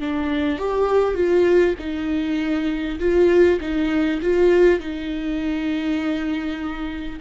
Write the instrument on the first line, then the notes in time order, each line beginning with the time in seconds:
viola
0.00 D4
0.59 G4
1.15 F4
1.79 D#4
2.99 F4
3.61 D#4
4.22 F4
4.80 D#4